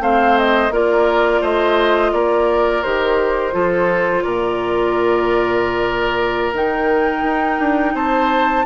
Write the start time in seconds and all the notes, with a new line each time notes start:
0.00 A3 C4 C5 F5
0.38 D#5
0.70 A#3 F4 A#4 D5
1.41 A3 C5 D#5
2.13 A#3 A#4 D5
2.83 D#3 G4 C5
3.53 F3 F4 A4
4.23 A#2 A#4 D5
6.54 D#3 D#4 G5
7.23 D#4
7.60 D4
7.94 C4 C5 A5